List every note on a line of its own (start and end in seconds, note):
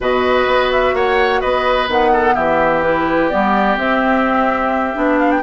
0.00 0.46 B2
0.00 1.89 F#4
0.00 0.95 B4
0.00 0.72 D#5
0.46 0.93 B3
0.72 0.95 E5
0.93 1.40 A#3
0.93 1.40 C#5
0.93 1.41 F#5
1.40 1.87 B3
1.40 2.11 B4
1.40 1.88 D#5
1.87 2.35 D#3
1.87 2.83 B3
1.87 2.35 F#5
2.13 2.34 A4
2.34 3.30 E3
2.34 5.41 G4
2.34 2.82 E5
2.83 3.30 E4
2.83 3.29 B4
3.29 3.77 G3
3.29 3.77 B3
3.29 3.76 D5
3.77 4.94 C4
3.77 4.95 C4
3.77 5.19 E5
4.94 5.42 B3
4.94 5.41 D4
5.19 5.31 F5
5.31 5.42 G5